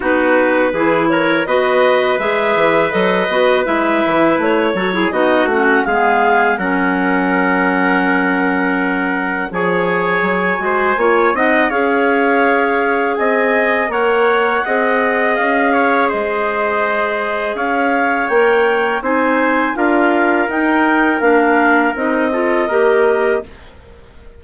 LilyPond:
<<
  \new Staff \with { instrumentName = "clarinet" } { \time 4/4 \tempo 4 = 82 b'4. cis''8 dis''4 e''4 | dis''4 e''4 cis''4 dis''8 fis''8 | f''4 fis''2.~ | fis''4 gis''2~ gis''8 fis''8 |
f''2 gis''4 fis''4~ | fis''4 f''4 dis''2 | f''4 g''4 gis''4 f''4 | g''4 f''4 dis''2 | }
  \new Staff \with { instrumentName = "trumpet" } { \time 4/4 fis'4 gis'8 ais'8 b'2~ | b'2~ b'8 a'16 gis'16 fis'4 | gis'4 ais'2.~ | ais'4 cis''4. c''8 cis''8 dis''8 |
cis''2 dis''4 cis''4 | dis''4. cis''8 c''2 | cis''2 c''4 ais'4~ | ais'2~ ais'8 a'8 ais'4 | }
  \new Staff \with { instrumentName = "clarinet" } { \time 4/4 dis'4 e'4 fis'4 gis'4 | a'8 fis'8 e'4. fis'16 e'16 dis'8 cis'8 | b4 cis'2.~ | cis'4 gis'4. fis'8 f'8 dis'8 |
gis'2. ais'4 | gis'1~ | gis'4 ais'4 dis'4 f'4 | dis'4 d'4 dis'8 f'8 g'4 | }
  \new Staff \with { instrumentName = "bassoon" } { \time 4/4 b4 e4 b4 gis8 e8 | fis8 b8 gis8 e8 a8 fis8 b8 a8 | gis4 fis2.~ | fis4 f4 fis8 gis8 ais8 c'8 |
cis'2 c'4 ais4 | c'4 cis'4 gis2 | cis'4 ais4 c'4 d'4 | dis'4 ais4 c'4 ais4 | }
>>